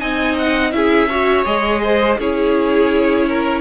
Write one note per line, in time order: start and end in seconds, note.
0.00 0.73 C4
0.00 0.72 D#4
0.00 0.74 D#5
0.00 0.36 G#5
0.39 0.73 F#5
0.72 1.46 C#4
0.72 1.08 E4
0.72 1.10 G#4
0.72 1.45 E5
1.10 1.45 F#4
1.10 1.82 C#5
1.45 2.19 G#3
1.45 2.18 G#4
1.45 2.18 D#5
1.84 2.20 C5
2.19 3.61 C#4
2.19 3.61 E4
2.19 3.28 G#4
2.19 3.61 C#5
3.28 3.61 A#4